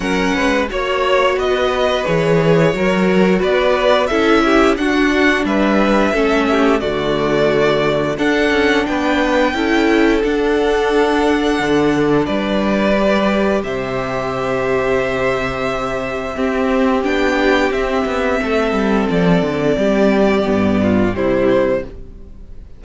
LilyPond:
<<
  \new Staff \with { instrumentName = "violin" } { \time 4/4 \tempo 4 = 88 fis''4 cis''4 dis''4 cis''4~ | cis''4 d''4 e''4 fis''4 | e''2 d''2 | fis''4 g''2 fis''4~ |
fis''2 d''2 | e''1~ | e''4 g''4 e''2 | d''2. c''4 | }
  \new Staff \with { instrumentName = "violin" } { \time 4/4 ais'8 b'8 cis''4 b'2 | ais'4 b'4 a'8 g'8 fis'4 | b'4 a'8 g'8 fis'2 | a'4 b'4 a'2~ |
a'2 b'2 | c''1 | g'2. a'4~ | a'4 g'4. f'8 e'4 | }
  \new Staff \with { instrumentName = "viola" } { \time 4/4 cis'4 fis'2 gis'4 | fis'2 e'4 d'4~ | d'4 cis'4 a2 | d'2 e'4 d'4~ |
d'2. g'4~ | g'1 | c'4 d'4 c'2~ | c'2 b4 g4 | }
  \new Staff \with { instrumentName = "cello" } { \time 4/4 fis8 gis8 ais4 b4 e4 | fis4 b4 cis'4 d'4 | g4 a4 d2 | d'8 cis'8 b4 cis'4 d'4~ |
d'4 d4 g2 | c1 | c'4 b4 c'8 b8 a8 g8 | f8 d8 g4 g,4 c4 | }
>>